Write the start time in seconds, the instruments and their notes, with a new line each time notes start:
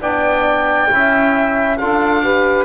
0.00 double bass B3, trombone D4, saxophone D5, oboe G5
0.89 double bass C#4, trombone E4, saxophone E5
1.77 double bass D4, trombone F4, saxophone A4, oboe F5
2.23 trombone G4, saxophone B4